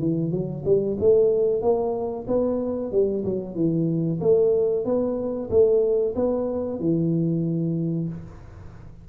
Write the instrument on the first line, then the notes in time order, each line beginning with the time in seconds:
tuba
0.00 E3
0.32 F#3
0.65 G3
1.00 A3
1.62 A#3
2.28 B3
2.92 G3
3.25 F#3
3.55 E3
4.21 A3
4.85 B3
5.50 A3
6.16 B3
6.80 E3